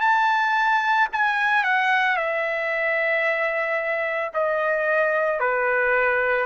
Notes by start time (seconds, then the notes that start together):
0.00 A5
1.12 G#5
1.63 F#5
2.16 E5
4.33 D#5
5.40 B4